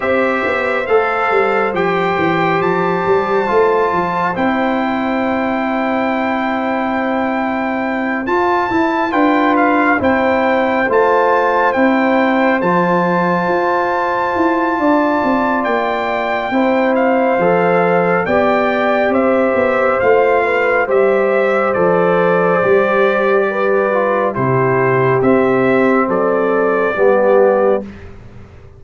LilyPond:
<<
  \new Staff \with { instrumentName = "trumpet" } { \time 4/4 \tempo 4 = 69 e''4 f''4 g''4 a''4~ | a''4 g''2.~ | g''4. a''4 g''8 f''8 g''8~ | g''8 a''4 g''4 a''4.~ |
a''2 g''4. f''8~ | f''4 g''4 e''4 f''4 | e''4 d''2. | c''4 e''4 d''2 | }
  \new Staff \with { instrumentName = "horn" } { \time 4/4 c''1~ | c''1~ | c''2~ c''8 b'4 c''8~ | c''1~ |
c''4 d''2 c''4~ | c''4 d''4 c''4. b'8 | c''2. b'4 | g'2 a'4 g'4 | }
  \new Staff \with { instrumentName = "trombone" } { \time 4/4 g'4 a'4 g'2 | f'4 e'2.~ | e'4. f'8 e'8 f'4 e'8~ | e'8 f'4 e'4 f'4.~ |
f'2. e'4 | a'4 g'2 f'4 | g'4 a'4 g'4. f'8 | e'4 c'2 b4 | }
  \new Staff \with { instrumentName = "tuba" } { \time 4/4 c'8 b8 a8 g8 f8 e8 f8 g8 | a8 f8 c'2.~ | c'4. f'8 e'8 d'4 c'8~ | c'8 a4 c'4 f4 f'8~ |
f'8 e'8 d'8 c'8 ais4 c'4 | f4 b4 c'8 b8 a4 | g4 f4 g2 | c4 c'4 fis4 g4 | }
>>